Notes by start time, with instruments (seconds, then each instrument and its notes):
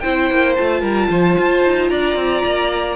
0.00 cello C4, viola E4, violin C5 G5
0.31 cello A#3
0.55 cello A3, viola F4, violin A5
0.81 cello G3, violin A#4
1.10 cello F3, violin C5
1.38 cello F4
1.64 cello D#4
1.89 cello D4, violin D5 A#5
2.16 cello C4
2.45 cello A#3